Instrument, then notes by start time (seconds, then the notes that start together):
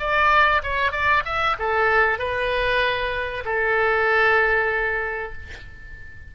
oboe
0.00 D5
0.64 C#5
0.92 D5
1.26 E5
1.60 A4
2.19 B4
3.45 A4